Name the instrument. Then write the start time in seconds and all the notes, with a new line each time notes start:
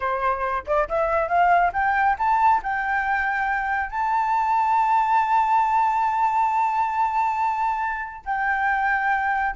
flute
0.00 C5
0.66 D5
0.89 E5
1.28 F5
1.73 G5
2.18 A5
2.62 G5
3.89 A5
8.25 G5